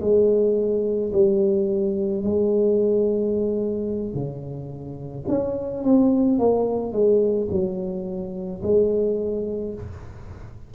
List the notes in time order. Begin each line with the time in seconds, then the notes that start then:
0.00 G#3
1.13 G3
2.23 G#3
4.14 C#3
5.28 C#4
5.83 C4
6.38 A#3
6.92 G#3
7.51 F#3
8.63 G#3